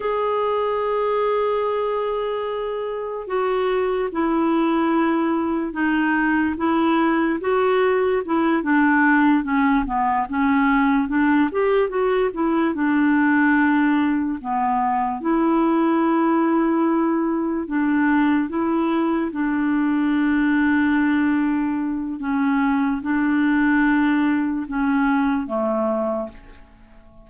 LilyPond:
\new Staff \with { instrumentName = "clarinet" } { \time 4/4 \tempo 4 = 73 gis'1 | fis'4 e'2 dis'4 | e'4 fis'4 e'8 d'4 cis'8 | b8 cis'4 d'8 g'8 fis'8 e'8 d'8~ |
d'4. b4 e'4.~ | e'4. d'4 e'4 d'8~ | d'2. cis'4 | d'2 cis'4 a4 | }